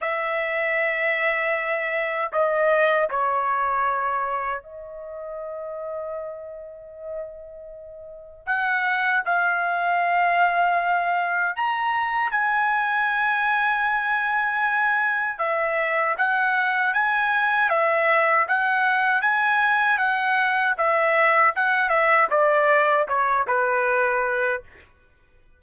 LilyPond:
\new Staff \with { instrumentName = "trumpet" } { \time 4/4 \tempo 4 = 78 e''2. dis''4 | cis''2 dis''2~ | dis''2. fis''4 | f''2. ais''4 |
gis''1 | e''4 fis''4 gis''4 e''4 | fis''4 gis''4 fis''4 e''4 | fis''8 e''8 d''4 cis''8 b'4. | }